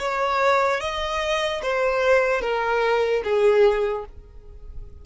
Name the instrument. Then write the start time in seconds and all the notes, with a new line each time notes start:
violin
0.00 C#5
0.81 D#5
1.63 C5
2.42 A#4
3.24 G#4